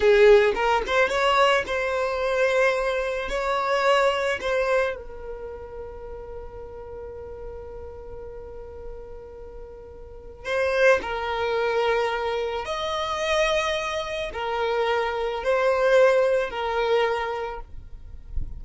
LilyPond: \new Staff \with { instrumentName = "violin" } { \time 4/4 \tempo 4 = 109 gis'4 ais'8 c''8 cis''4 c''4~ | c''2 cis''2 | c''4 ais'2.~ | ais'1~ |
ais'2. c''4 | ais'2. dis''4~ | dis''2 ais'2 | c''2 ais'2 | }